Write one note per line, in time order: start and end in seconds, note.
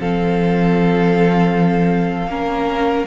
0.00 2.28 F3
0.00 2.29 C4
0.00 2.31 A4
0.00 3.07 F5
2.28 3.05 A#3
2.28 3.06 C#4
2.28 3.07 A#4